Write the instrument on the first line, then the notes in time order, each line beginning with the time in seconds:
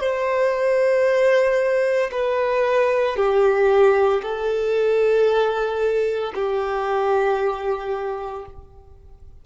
violin
0.00 C5
2.11 B4
3.17 G4
4.22 A4
6.35 G4